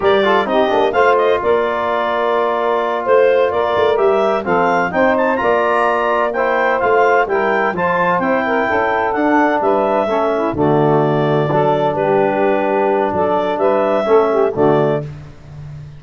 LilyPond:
<<
  \new Staff \with { instrumentName = "clarinet" } { \time 4/4 \tempo 4 = 128 d''4 dis''4 f''8 dis''8 d''4~ | d''2~ d''8 c''4 d''8~ | d''8 e''4 f''4 g''8 a''8 ais''8~ | ais''4. g''4 f''4 g''8~ |
g''8 a''4 g''2 fis''8~ | fis''8 e''2 d''4.~ | d''4. b'2~ b'8 | d''4 e''2 d''4 | }
  \new Staff \with { instrumentName = "saxophone" } { \time 4/4 ais'8 a'8 g'4 c''4 ais'4~ | ais'2~ ais'8 c''4 ais'8~ | ais'4. a'4 c''4 d''8~ | d''4. c''2 ais'8~ |
ais'8 c''4. ais'8 a'4.~ | a'8 b'4 a'8 e'8 fis'4.~ | fis'8 a'4 g'2~ g'8 | a'4 b'4 a'8 g'8 fis'4 | }
  \new Staff \with { instrumentName = "trombone" } { \time 4/4 g'8 f'8 dis'8 d'8 f'2~ | f'1~ | f'8 g'4 c'4 dis'4 f'8~ | f'4. e'4 f'4 e'8~ |
e'8 f'4 e'2 d'8~ | d'4. cis'4 a4.~ | a8 d'2.~ d'8~ | d'2 cis'4 a4 | }
  \new Staff \with { instrumentName = "tuba" } { \time 4/4 g4 c'8 ais8 a4 ais4~ | ais2~ ais8 a4 ais8 | a8 g4 f4 c'4 ais8~ | ais2~ ais8 a4 g8~ |
g8 f4 c'4 cis'4 d'8~ | d'8 g4 a4 d4.~ | d8 fis4 g2~ g8 | fis4 g4 a4 d4 | }
>>